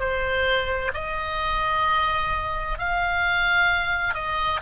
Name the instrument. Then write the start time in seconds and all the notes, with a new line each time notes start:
oboe
0.00 C5
0.94 D#5
2.79 F5
4.15 D#5